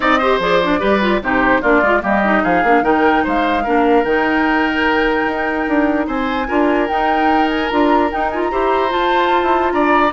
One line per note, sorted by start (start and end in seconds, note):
0.00 0.39 C4
0.00 0.20 D#4
0.00 0.18 D5
0.00 0.39 D#5
0.18 0.41 G4
0.18 0.79 C5
0.39 0.79 F3
0.39 0.61 G#4
0.39 1.22 D5
0.63 0.79 D4
0.79 1.21 G3
0.79 1.00 G4
0.79 1.20 B4
1.00 1.21 F4
1.21 1.62 C3
1.21 1.62 D#4
1.21 1.61 G4
1.21 1.62 C5
1.61 1.81 A#3
1.61 1.82 D4
1.61 2.02 F4
1.61 2.03 D5
1.81 2.02 G#3
1.81 2.00 F4
2.00 2.43 G3
2.00 2.20 A#3
2.00 2.43 G4
2.00 2.44 D#5
2.24 2.64 D#4
2.43 2.63 F3
2.43 2.83 G#4
2.43 2.84 F5
2.63 2.82 A#3
2.63 2.82 D4
2.82 3.23 D#3
2.82 3.63 D#4
2.82 3.23 A#4
2.82 3.24 G5
3.23 3.66 G#3
3.23 3.63 C5
3.23 4.04 F5
3.63 4.04 A#3
3.63 4.05 D4
3.63 6.06 A#4
4.04 5.25 D#3
4.04 6.48 D#4
4.04 6.07 G5
5.25 5.66 D#4
5.68 6.07 D4
6.06 6.47 C4
6.06 6.47 C5
6.06 6.87 G#5
6.48 6.89 D4
6.48 6.88 F4
6.48 8.50 A#4
6.87 7.69 D#4
6.87 7.70 D#4
6.87 7.48 G5
7.49 7.69 G#5
7.69 8.11 D4
7.69 8.10 F4
7.69 8.10 A#5
8.10 8.30 D#4
8.10 8.52 D#4
8.10 8.30 G5
8.30 8.51 F4
8.30 8.40 G#5
8.43 8.92 A#5
8.51 8.92 E4
8.51 8.89 G4
8.51 9.72 C5
8.89 10.11 F4
8.89 9.42 F4
8.89 9.71 A5
9.42 9.72 E4
9.71 10.12 D4
9.71 10.12 D5
9.71 10.12 A#5